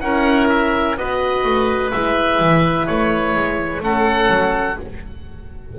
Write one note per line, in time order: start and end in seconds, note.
0.00 0.96 C#4
0.00 0.97 E4
0.00 0.98 A#4
0.00 0.48 F#5
0.48 0.96 E5
0.96 1.44 B3
0.96 1.93 F#4
0.96 3.83 B4
0.96 1.91 D#5
1.44 1.91 A3
1.91 2.39 G#3
1.91 3.81 E4
1.91 2.86 E5
2.39 2.87 E3
2.86 3.34 A3
2.86 3.81 C#5
3.34 3.80 G#3
3.80 4.27 A3
3.80 4.77 C#4
3.80 4.78 A4
3.80 4.79 F#5
4.29 4.76 F#3